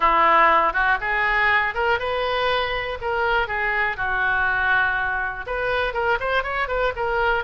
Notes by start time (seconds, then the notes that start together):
0.00 E4
0.73 F#4
1.01 G#4
1.74 A#4
1.99 B4
3.01 A#4
3.47 G#4
3.97 F#4
5.46 B4
5.93 A#4
6.20 C5
6.43 C#5
6.67 B4
6.96 A#4